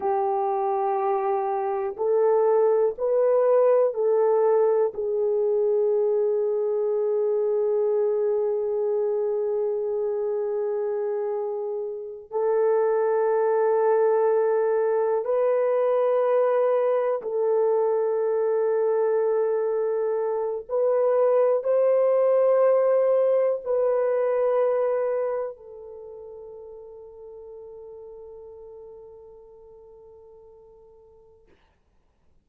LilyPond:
\new Staff \with { instrumentName = "horn" } { \time 4/4 \tempo 4 = 61 g'2 a'4 b'4 | a'4 gis'2.~ | gis'1~ | gis'8 a'2. b'8~ |
b'4. a'2~ a'8~ | a'4 b'4 c''2 | b'2 a'2~ | a'1 | }